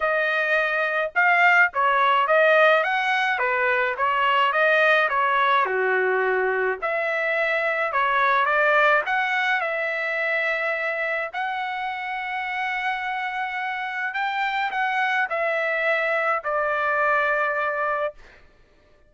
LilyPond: \new Staff \with { instrumentName = "trumpet" } { \time 4/4 \tempo 4 = 106 dis''2 f''4 cis''4 | dis''4 fis''4 b'4 cis''4 | dis''4 cis''4 fis'2 | e''2 cis''4 d''4 |
fis''4 e''2. | fis''1~ | fis''4 g''4 fis''4 e''4~ | e''4 d''2. | }